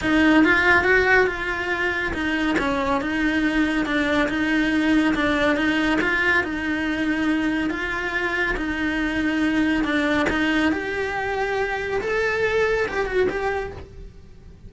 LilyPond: \new Staff \with { instrumentName = "cello" } { \time 4/4 \tempo 4 = 140 dis'4 f'4 fis'4 f'4~ | f'4 dis'4 cis'4 dis'4~ | dis'4 d'4 dis'2 | d'4 dis'4 f'4 dis'4~ |
dis'2 f'2 | dis'2. d'4 | dis'4 g'2. | a'2 g'8 fis'8 g'4 | }